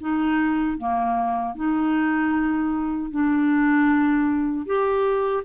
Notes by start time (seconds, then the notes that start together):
0.00 D#4
0.78 A#3
1.55 D#4
3.11 D4
4.66 G4